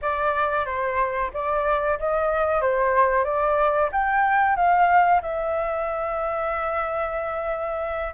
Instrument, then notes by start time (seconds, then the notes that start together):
flute
0.01 D5
0.65 C5
1.33 D5
1.99 D#5
2.61 C5
3.24 D5
3.92 G5
4.55 F5
5.22 E5